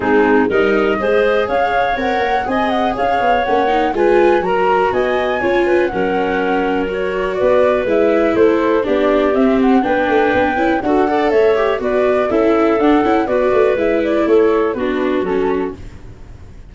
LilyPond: <<
  \new Staff \with { instrumentName = "flute" } { \time 4/4 \tempo 4 = 122 gis'4 dis''2 f''4 | fis''4 gis''8 fis''8 f''4 fis''4 | gis''4 ais''4 gis''2 | fis''2 cis''4 d''4 |
e''4 c''4 d''4 e''8 fis''8 | g''2 fis''4 e''4 | d''4 e''4 fis''4 d''4 | e''8 d''8 cis''4 b'4 a'4 | }
  \new Staff \with { instrumentName = "clarinet" } { \time 4/4 dis'4 ais'4 c''4 cis''4~ | cis''4 dis''4 cis''2 | b'4 ais'4 dis''4 cis''8 b'8 | ais'2. b'4~ |
b'4 a'4 g'2 | b'2 a'8 d''8 cis''4 | b'4 a'2 b'4~ | b'4 a'4 fis'2 | }
  \new Staff \with { instrumentName = "viola" } { \time 4/4 c'4 dis'4 gis'2 | ais'4 gis'2 cis'8 dis'8 | f'4 fis'2 f'4 | cis'2 fis'2 |
e'2 d'4 c'4 | d'4. e'8 fis'8 a'4 g'8 | fis'4 e'4 d'8 e'8 fis'4 | e'2 d'4 cis'4 | }
  \new Staff \with { instrumentName = "tuba" } { \time 4/4 gis4 g4 gis4 cis'4 | c'8 ais8 c'4 cis'8 b8 ais4 | gis4 fis4 b4 cis'4 | fis2. b4 |
gis4 a4 b4 c'4 | b8 a8 b8 cis'8 d'4 a4 | b4 cis'4 d'8 cis'8 b8 a8 | gis4 a4 b4 fis4 | }
>>